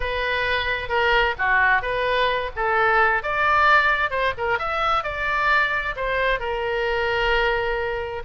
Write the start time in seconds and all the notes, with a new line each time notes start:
0.00 B4
0.88 A#4
1.38 F#4
1.82 B4
2.55 A4
3.22 D5
4.10 C5
4.37 A#4
4.58 E5
5.03 D5
5.96 C5
6.39 A#4